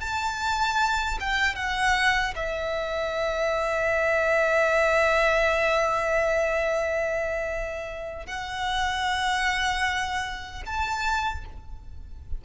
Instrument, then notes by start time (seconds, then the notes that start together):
violin
0.00 A5
1.20 G5
1.55 F#5
2.35 E5
8.26 F#5
10.66 A5